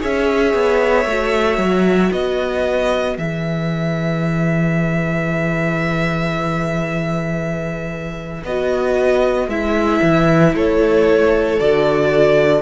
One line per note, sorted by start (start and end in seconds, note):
0.00 0.54 C#4
0.00 1.05 G#4
0.00 2.11 C#5
0.00 2.12 E5
0.54 1.05 B3
1.05 1.57 A3
1.05 3.16 F#4
1.57 2.10 F#3
2.11 3.17 B3
2.11 10.54 B4
2.11 3.17 D#5
3.16 8.43 E3
3.16 8.43 G#4
3.16 8.43 E5
8.44 9.47 B3
8.44 9.49 F#4
8.44 9.49 D#5
9.47 10.00 G#3
9.47 11.60 E4
9.47 10.54 E5
10.02 10.54 E3
10.54 11.59 A3
10.54 12.62 A4
10.54 11.59 C#5
11.59 12.62 D3
11.59 12.62 F#4
11.59 12.62 D5